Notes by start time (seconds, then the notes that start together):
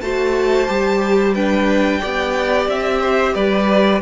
0.00 A3 F#4 C5 A5
0.68 G3 G4
1.34 D4 B4 G5
2.00 B3 G4 D5
2.67 C4 E5
3.00 C5
3.34 G3 B4 D5